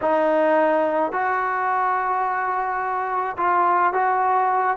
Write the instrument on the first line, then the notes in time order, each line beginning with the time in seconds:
trombone
0.01 D#4
1.12 F#4
3.37 F4
3.93 F#4